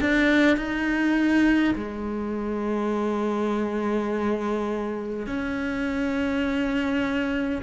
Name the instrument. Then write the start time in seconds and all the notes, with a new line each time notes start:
cello
0.00 D4
0.57 D#4
1.75 G#3
5.26 C#4